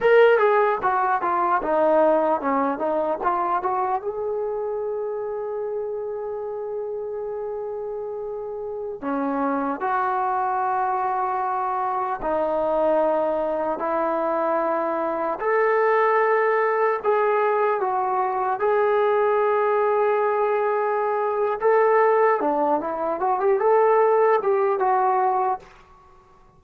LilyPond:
\new Staff \with { instrumentName = "trombone" } { \time 4/4 \tempo 4 = 75 ais'8 gis'8 fis'8 f'8 dis'4 cis'8 dis'8 | f'8 fis'8 gis'2.~ | gis'2.~ gis'16 cis'8.~ | cis'16 fis'2. dis'8.~ |
dis'4~ dis'16 e'2 a'8.~ | a'4~ a'16 gis'4 fis'4 gis'8.~ | gis'2. a'4 | d'8 e'8 fis'16 g'16 a'4 g'8 fis'4 | }